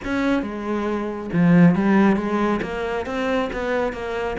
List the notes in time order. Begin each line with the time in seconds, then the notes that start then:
0.04 C#4
0.42 G#3
1.32 F3
1.75 G3
2.16 G#3
2.62 A#3
3.06 C4
3.53 B3
3.92 A#3